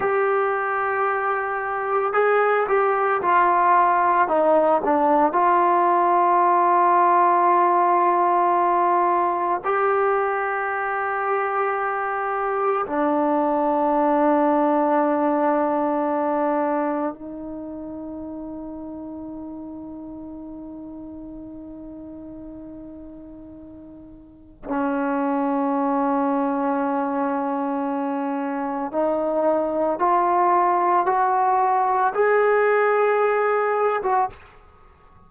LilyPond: \new Staff \with { instrumentName = "trombone" } { \time 4/4 \tempo 4 = 56 g'2 gis'8 g'8 f'4 | dis'8 d'8 f'2.~ | f'4 g'2. | d'1 |
dis'1~ | dis'2. cis'4~ | cis'2. dis'4 | f'4 fis'4 gis'4.~ gis'16 fis'16 | }